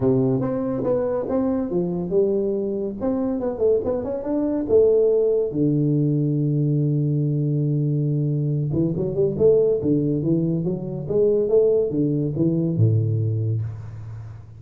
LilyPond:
\new Staff \with { instrumentName = "tuba" } { \time 4/4 \tempo 4 = 141 c4 c'4 b4 c'4 | f4 g2 c'4 | b8 a8 b8 cis'8 d'4 a4~ | a4 d2.~ |
d1~ | d8 e8 fis8 g8 a4 d4 | e4 fis4 gis4 a4 | d4 e4 a,2 | }